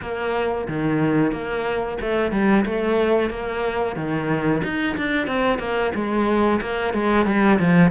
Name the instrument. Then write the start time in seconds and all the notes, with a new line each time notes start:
cello
0.01 A#3
0.67 D#3
1.32 A#3
2.01 A3
2.31 G3
2.65 A3
3.30 A#3
3.96 D#3
4.63 D#4
4.97 D4
5.27 C4
5.58 A#3
5.94 G#3
6.61 A#3
6.93 G#3
7.26 G3
7.59 F3